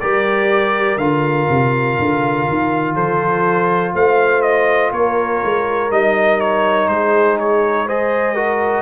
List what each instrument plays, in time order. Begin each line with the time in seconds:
0.00 tuba G3, trombone G4, horn A#4, trumpet D5
0.97 tuba D3, trombone F4, trumpet F5
1.49 tuba C3
1.99 tuba D3
2.49 tuba D#3
2.94 tuba F3, horn A4, trumpet C5
3.94 tuba A3, horn C5, trumpet F5
4.42 trumpet D#5
4.92 tuba A#3, horn A#4, trumpet C#5
5.44 tuba G#3
5.91 tuba G3, trombone D#4, trumpet D#5
6.40 trumpet C#5
6.88 tuba G#3, horn G#4, trumpet C5
7.39 trumpet C#5
7.86 trombone G#4, horn C5, trumpet D#5
8.34 trombone F#4, horn A#4